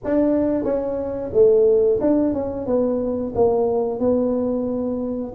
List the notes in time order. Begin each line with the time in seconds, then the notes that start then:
0.04 D4
0.63 C#4
1.33 A3
2.00 D4
2.33 C#4
2.66 B3
3.35 A#3
3.99 B3